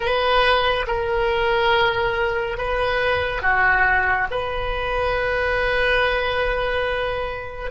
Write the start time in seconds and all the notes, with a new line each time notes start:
0.00 B4
0.86 A#4
2.57 B4
3.41 F#4
4.31 B4